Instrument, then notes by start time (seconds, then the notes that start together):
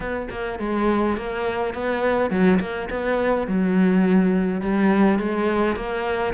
cello
0.00 B3
0.30 A#3
0.59 G#3
1.16 A#3
1.74 B3
2.30 F#3
2.60 A#3
2.90 B3
3.47 F#3
4.61 G3
5.18 G#3
5.76 A#3